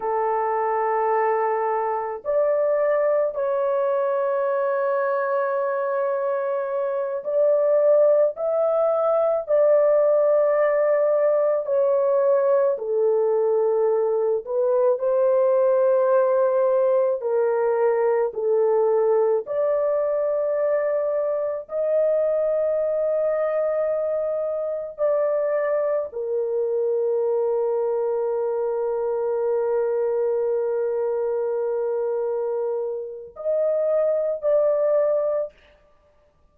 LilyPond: \new Staff \with { instrumentName = "horn" } { \time 4/4 \tempo 4 = 54 a'2 d''4 cis''4~ | cis''2~ cis''8 d''4 e''8~ | e''8 d''2 cis''4 a'8~ | a'4 b'8 c''2 ais'8~ |
ais'8 a'4 d''2 dis''8~ | dis''2~ dis''8 d''4 ais'8~ | ais'1~ | ais'2 dis''4 d''4 | }